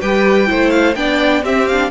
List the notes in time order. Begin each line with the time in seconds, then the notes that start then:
0.00 G3 G4 B4 G5
0.46 A3 E4 C5
0.70 F5
0.95 B3 D4 D5 G5
1.43 C4 G4 E5
1.67 D4 F5